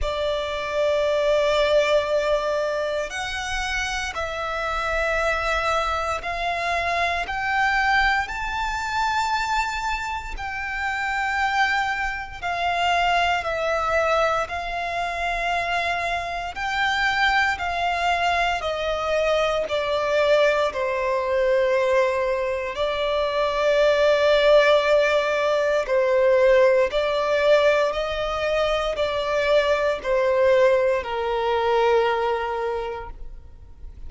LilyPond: \new Staff \with { instrumentName = "violin" } { \time 4/4 \tempo 4 = 58 d''2. fis''4 | e''2 f''4 g''4 | a''2 g''2 | f''4 e''4 f''2 |
g''4 f''4 dis''4 d''4 | c''2 d''2~ | d''4 c''4 d''4 dis''4 | d''4 c''4 ais'2 | }